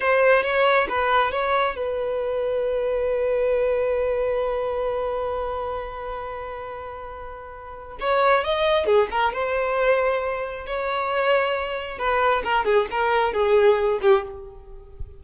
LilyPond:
\new Staff \with { instrumentName = "violin" } { \time 4/4 \tempo 4 = 135 c''4 cis''4 b'4 cis''4 | b'1~ | b'1~ | b'1~ |
b'2 cis''4 dis''4 | gis'8 ais'8 c''2. | cis''2. b'4 | ais'8 gis'8 ais'4 gis'4. g'8 | }